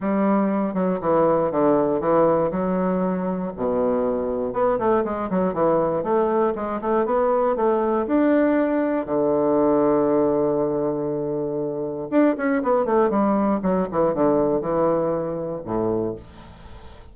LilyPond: \new Staff \with { instrumentName = "bassoon" } { \time 4/4 \tempo 4 = 119 g4. fis8 e4 d4 | e4 fis2 b,4~ | b,4 b8 a8 gis8 fis8 e4 | a4 gis8 a8 b4 a4 |
d'2 d2~ | d1 | d'8 cis'8 b8 a8 g4 fis8 e8 | d4 e2 a,4 | }